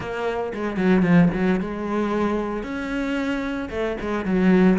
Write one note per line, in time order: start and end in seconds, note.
0.00 0.52 A#3
0.54 0.76 G#3
0.76 1.02 F#3
1.02 1.28 F3
1.33 1.60 F#3
1.60 2.63 G#3
2.63 3.69 C#4
3.70 3.96 A3
4.00 4.25 G#3
4.25 4.78 F#3